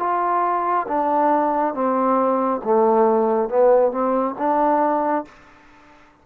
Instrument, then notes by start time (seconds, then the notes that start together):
trombone
0.00 F4
0.89 D4
1.75 C4
2.64 A3
3.49 B3
3.92 C4
4.39 D4